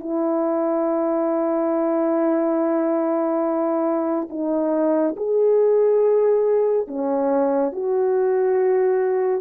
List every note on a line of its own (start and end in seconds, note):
0.00 4.29 E4
4.30 5.15 D#4
5.17 6.87 G#4
6.87 7.73 C#4
7.73 9.41 F#4